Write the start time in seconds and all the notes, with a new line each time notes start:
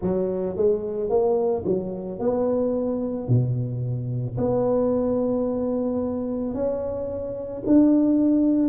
0.01 F#3
0.56 G#3
1.09 A#3
1.65 F#3
2.19 B3
3.27 B2
4.37 B3
6.54 C#4
7.66 D4